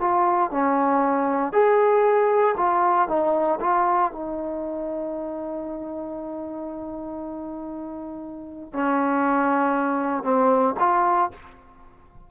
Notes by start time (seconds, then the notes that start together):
0.00 F4
0.51 C#4
1.52 G#4
2.57 F4
3.08 D#4
3.61 F4
4.12 D#4
8.73 C#4
10.23 C4
10.79 F4